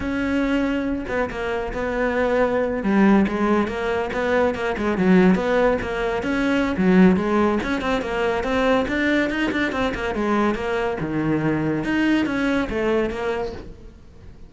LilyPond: \new Staff \with { instrumentName = "cello" } { \time 4/4 \tempo 4 = 142 cis'2~ cis'8 b8 ais4 | b2~ b8. g4 gis16~ | gis8. ais4 b4 ais8 gis8 fis16~ | fis8. b4 ais4 cis'4~ cis'16 |
fis4 gis4 cis'8 c'8 ais4 | c'4 d'4 dis'8 d'8 c'8 ais8 | gis4 ais4 dis2 | dis'4 cis'4 a4 ais4 | }